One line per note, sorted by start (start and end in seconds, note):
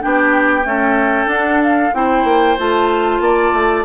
0.00 0.65 B3
0.00 0.63 D4
0.00 0.67 G4
0.00 1.30 G5
0.63 1.27 A3
0.63 1.26 C#4
0.63 1.95 A4
1.26 1.90 D4
1.26 1.91 D4
1.26 1.61 F#5
1.63 1.94 F5
1.94 2.24 C4
1.94 2.58 E4
1.94 3.23 C5
1.94 2.58 G5
2.24 2.56 A#3
2.58 3.20 A3
2.58 3.85 F4
2.58 3.85 A5
3.20 3.52 A#3
3.20 3.85 D5
3.53 3.85 A3